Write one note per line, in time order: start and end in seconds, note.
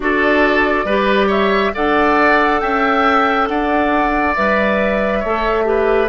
0.00 0.84 D4
0.00 0.86 F#4
0.00 0.85 A4
0.00 1.30 D5
0.84 1.71 G3
0.84 1.74 G4
0.84 1.27 B4
1.27 1.71 C#5
1.27 1.74 E5
1.74 2.62 D4
1.74 4.34 A4
1.74 2.61 D5
1.74 2.60 F#5
2.60 3.48 C#4
2.60 3.48 E5
2.60 3.47 G5
3.47 4.35 D4
3.47 5.19 D5
3.47 4.34 F#5
4.35 5.24 G3
4.35 5.23 B4
4.35 6.08 E5
5.19 6.08 A3
5.19 5.64 A4
5.19 5.63 C#5
5.64 6.07 G4
5.64 6.08 B4